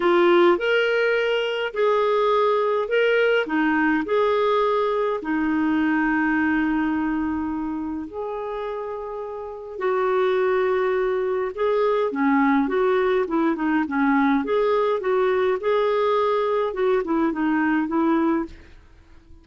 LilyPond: \new Staff \with { instrumentName = "clarinet" } { \time 4/4 \tempo 4 = 104 f'4 ais'2 gis'4~ | gis'4 ais'4 dis'4 gis'4~ | gis'4 dis'2.~ | dis'2 gis'2~ |
gis'4 fis'2. | gis'4 cis'4 fis'4 e'8 dis'8 | cis'4 gis'4 fis'4 gis'4~ | gis'4 fis'8 e'8 dis'4 e'4 | }